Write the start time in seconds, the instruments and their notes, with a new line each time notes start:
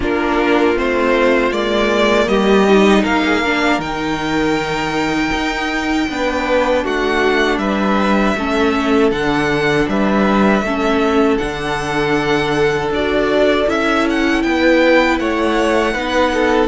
0.00 cello A#3, viola D4, violin F4 A#4
0.75 cello A3, viola C4, violin C5
1.51 cello G#3, viola A#3, violin D5
2.27 cello G3, violin G4 D#5
2.68 viola D#4
3.02 cello A#3, violin A#4 F5
3.24 violin G#4
3.41 viola D4, violin A#4
3.78 cello D#3, viola D#4, violin G5
5.32 cello D#4
6.08 cello B3, viola D4, violin B4
6.83 cello A3, violin F#4 F#5
7.58 cello G3, violin B4 E5
8.35 cello A3, viola C#4, violin A4
9.11 cello D3, viola D4, violin F#5
9.88 cello G3, violin B4 E5
10.61 cello A3, viola C#4, violin A4
11.37 cello D3, viola D4, violin F#5
12.90 cello D4, viola F#4, violin D5
13.67 cello C#4, viola E4, violin E5
14.09 violin F#5
14.42 cello B3, violin B4 G5
15.19 cello A3, violin C#5 F#5
15.93 cello B3, viola D#4, violin B4
16.33 violin A4